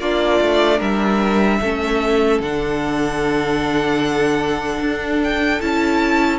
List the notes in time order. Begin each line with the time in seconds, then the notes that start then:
0.00 A#3 D4 F4 D5
0.41 A3
0.78 G3 A#4 E5
1.61 A3 C#4 A4
2.40 D3 D4 F#5
4.81 D4
5.24 G5
5.62 C#4 E4 A5